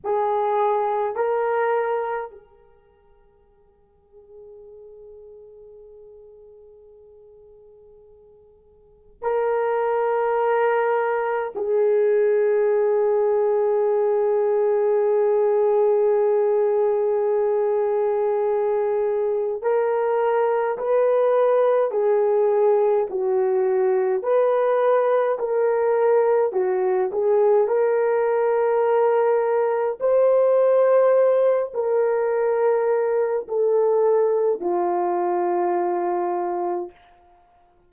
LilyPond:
\new Staff \with { instrumentName = "horn" } { \time 4/4 \tempo 4 = 52 gis'4 ais'4 gis'2~ | gis'1 | ais'2 gis'2~ | gis'1~ |
gis'4 ais'4 b'4 gis'4 | fis'4 b'4 ais'4 fis'8 gis'8 | ais'2 c''4. ais'8~ | ais'4 a'4 f'2 | }